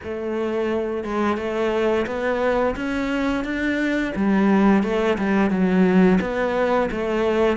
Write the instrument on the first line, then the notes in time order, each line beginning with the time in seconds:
cello
0.03 A3
1.03 G#3
1.37 A3
2.06 B3
2.76 C#4
3.44 D4
4.15 G3
4.83 A3
5.18 G3
5.50 F#3
6.20 B3
6.91 A3